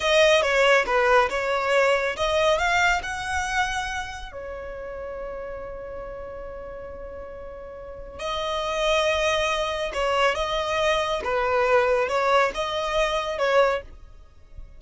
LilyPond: \new Staff \with { instrumentName = "violin" } { \time 4/4 \tempo 4 = 139 dis''4 cis''4 b'4 cis''4~ | cis''4 dis''4 f''4 fis''4~ | fis''2 cis''2~ | cis''1~ |
cis''2. dis''4~ | dis''2. cis''4 | dis''2 b'2 | cis''4 dis''2 cis''4 | }